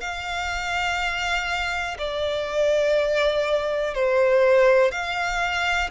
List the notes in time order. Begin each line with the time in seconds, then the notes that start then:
0.00 F5
1.98 D5
3.94 C5
4.91 F5